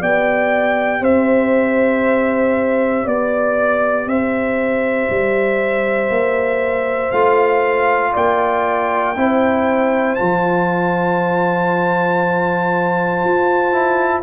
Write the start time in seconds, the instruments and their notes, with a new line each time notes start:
0.00 tuba B3, trombone G4, horn D5, trumpet G5
1.00 tuba C4, horn C5, trumpet E5
3.04 tuba B3, horn D5, trumpet D5
4.06 tuba C4, horn C5, trumpet E5
5.10 tuba G3
6.09 tuba A#3
7.11 tuba A3, trombone F4, trumpet F5
8.12 tuba A#3, horn D5, trumpet G5
9.16 tuba C4, trombone E4, horn C5
10.14 trombone F4, trumpet A5
10.21 tuba F3
13.24 tuba F4
13.72 trombone E4